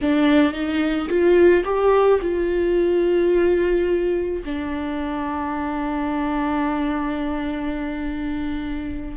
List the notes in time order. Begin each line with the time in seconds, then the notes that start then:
0.01 D4
0.53 D#4
1.08 F4
1.64 G4
2.21 F4
4.44 D4